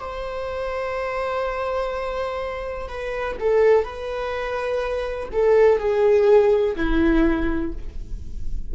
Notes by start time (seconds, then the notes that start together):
0.00 C5
2.88 B4
3.40 A4
3.84 B4
5.32 A4
5.78 G#4
6.76 E4